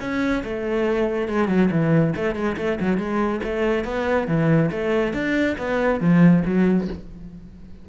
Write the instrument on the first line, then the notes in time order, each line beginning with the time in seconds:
cello
0.00 C#4
0.44 A3
1.28 G#3
1.48 F#3
1.71 E3
2.16 A3
2.35 G#3
2.57 A3
2.80 F#3
2.97 G#3
3.44 A3
3.85 B3
4.27 E3
4.71 A3
5.13 D4
5.58 B3
6.00 F3
6.45 F#3